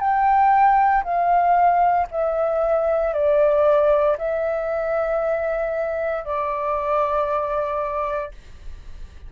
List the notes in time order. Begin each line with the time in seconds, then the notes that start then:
0.00 G5
1.04 F5
2.11 E5
3.14 D5
4.18 E5
6.25 D5